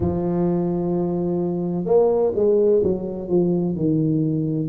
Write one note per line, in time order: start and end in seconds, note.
0.00 1.85 F3
1.85 2.32 A#3
2.35 2.82 G#3
2.83 3.29 F#3
3.29 3.75 F3
3.75 4.69 D#3